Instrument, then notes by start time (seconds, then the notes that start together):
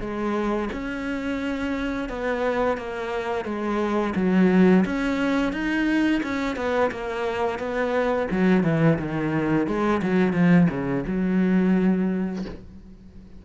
cello
0.00 G#3
0.72 C#4
2.08 B3
2.77 A#3
3.45 G#3
4.15 F#3
4.85 C#4
5.52 D#4
6.23 C#4
6.56 B3
6.91 A#3
7.59 B3
8.31 F#3
8.63 E3
8.98 D#3
9.66 G#3
10.02 F#3
10.33 F3
10.70 C#3
11.07 F#3